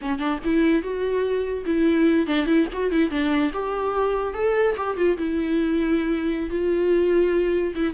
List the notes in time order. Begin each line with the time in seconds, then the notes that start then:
0.01 C#4
0.18 D4
0.44 E4
0.82 F#4
1.65 E4
2.27 D4
2.46 E4
2.73 F#4
2.91 E4
3.10 D4
3.53 G4
4.34 A4
4.76 G4
4.96 F4
5.17 E4
6.50 F4
7.75 E4